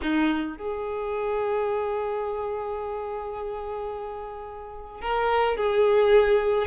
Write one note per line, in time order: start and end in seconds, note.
0.02 0.57 D#4
0.57 5.01 G#4
5.01 5.56 A#4
5.56 6.67 G#4